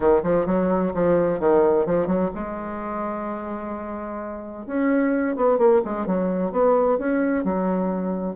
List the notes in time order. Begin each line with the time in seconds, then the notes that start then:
0.00 D#3
0.23 F3
0.46 F#3
0.94 F3
1.39 D#3
1.86 F3
2.06 F#3
2.35 G#3
4.66 C#4
5.36 B3
5.58 A#3
5.85 G#3
6.06 F#3
6.51 B3
6.98 C#4
7.44 F#3